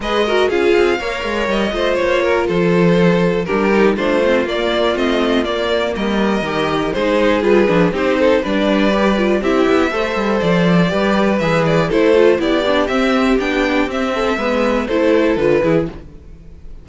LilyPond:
<<
  \new Staff \with { instrumentName = "violin" } { \time 4/4 \tempo 4 = 121 dis''4 f''2 dis''4 | cis''4 c''2 ais'4 | c''4 d''4 dis''4 d''4 | dis''2 c''4 b'4 |
c''4 d''2 e''4~ | e''4 d''2 e''8 d''8 | c''4 d''4 e''4 g''4 | e''2 c''4 b'4 | }
  \new Staff \with { instrumentName = "violin" } { \time 4/4 b'8 ais'8 gis'4 cis''4. c''8~ | c''8 ais'8 a'2 g'4 | f'1 | ais'2 gis'2 |
g'8 a'8 b'2 g'4 | c''2 b'2 | a'4 g'2.~ | g'8 a'8 b'4 a'4. gis'8 | }
  \new Staff \with { instrumentName = "viola" } { \time 4/4 gis'8 fis'8 f'4 ais'4. f'8~ | f'2. d'8 dis'8 | d'8 c'8 ais4 c'4 ais4~ | ais4 g'4 dis'4 f'8 d'8 |
dis'4 d'4 g'8 f'8 e'4 | a'2 g'4 gis'4 | e'8 f'8 e'8 d'8 c'4 d'4 | c'4 b4 e'4 f'8 e'8 | }
  \new Staff \with { instrumentName = "cello" } { \time 4/4 gis4 cis'8 c'8 ais8 gis8 g8 a8 | ais4 f2 g4 | a4 ais4 a4 ais4 | g4 dis4 gis4 g8 f8 |
c'4 g2 c'8 b8 | a8 g8 f4 g4 e4 | a4 b4 c'4 b4 | c'4 gis4 a4 d8 e8 | }
>>